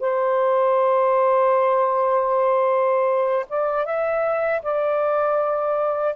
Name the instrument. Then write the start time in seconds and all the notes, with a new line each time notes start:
saxophone
0.00 C5
3.50 D5
3.86 E5
4.63 D5